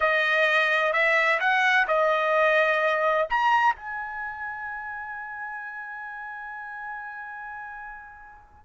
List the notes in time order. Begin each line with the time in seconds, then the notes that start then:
0.00 D#5
0.92 E5
1.40 F#5
1.87 D#5
3.29 A#5
3.75 G#5